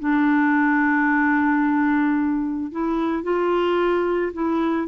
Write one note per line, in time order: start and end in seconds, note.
0.00 2.72 D4
2.72 3.24 E4
3.24 4.33 F4
4.34 4.88 E4